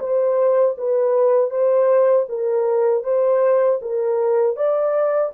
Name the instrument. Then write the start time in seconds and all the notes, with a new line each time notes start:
horn
0.00 C5
0.78 B4
1.51 C5
2.29 A#4
3.04 C5
3.82 A#4
4.56 D5